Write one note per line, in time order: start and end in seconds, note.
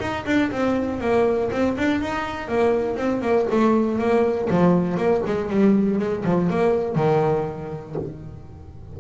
0.00 0.25 D#4
0.26 0.51 D4
0.51 1.01 C4
1.01 1.51 A#3
1.51 1.76 C4
1.77 2.01 D4
2.01 2.48 D#4
2.48 2.97 A#3
2.97 3.21 C4
3.21 3.46 A#3
3.51 3.99 A3
3.99 4.49 A#3
4.50 4.97 F3
4.97 5.22 A#3
5.26 5.50 G#3
5.50 5.99 G3
5.99 6.24 G#3
6.25 6.50 F3
6.50 6.95 A#3
6.95 7.95 D#3